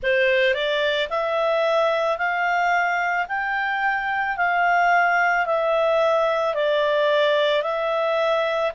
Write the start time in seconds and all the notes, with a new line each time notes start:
0.02 C5
0.54 D5
1.09 E5
2.17 F5
3.28 G5
4.36 F5
5.45 E5
6.54 D5
7.62 E5